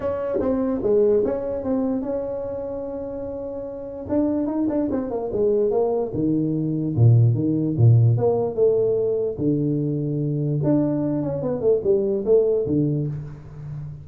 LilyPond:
\new Staff \with { instrumentName = "tuba" } { \time 4/4 \tempo 4 = 147 cis'4 c'4 gis4 cis'4 | c'4 cis'2.~ | cis'2 d'4 dis'8 d'8 | c'8 ais8 gis4 ais4 dis4~ |
dis4 ais,4 dis4 ais,4 | ais4 a2 d4~ | d2 d'4. cis'8 | b8 a8 g4 a4 d4 | }